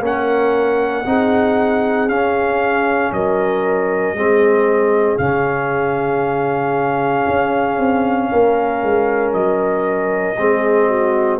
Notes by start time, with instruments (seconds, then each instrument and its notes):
0.00 tuba A#3, trombone C#4, horn A#4
0.06 trumpet F#5
1.06 tuba C4, trombone D#4, horn G#4
2.08 tuba C#4, trombone C#4, trumpet F5
3.12 tuba F#3, horn A#4, trumpet D#5
4.13 tuba G#3, trombone C4, horn G#4
5.18 tuba C#3, trombone C#4, trumpet F5
7.28 tuba C#4
7.78 tuba C4
8.31 tuba A#3, horn A#4
8.83 tuba G#3
9.33 tuba F#3, trumpet D#5
10.37 tuba G#3, trombone C4, horn G#4
10.88 horn F#4